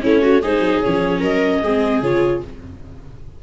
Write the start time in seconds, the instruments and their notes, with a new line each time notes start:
0.00 tuba A3, viola C#4 E4, clarinet C#5
0.22 viola F#4
0.42 tuba G#3, viola D#4 G#4, clarinet C5
0.59 tuba F#3
0.81 tuba F3, viola C#4, clarinet C#5
1.20 tuba F#3, viola A#4, clarinet D#5
1.62 tuba G#3, viola C4 G#4
2.01 tuba C#3, viola F4, clarinet C#5